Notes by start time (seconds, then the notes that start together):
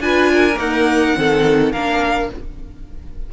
0.00 D4 F4 B4 G#5
0.32 A#4
0.54 A#3 D#4 F#5
1.15 D#3 C4 A4
1.72 A#3 D4 A#4 F5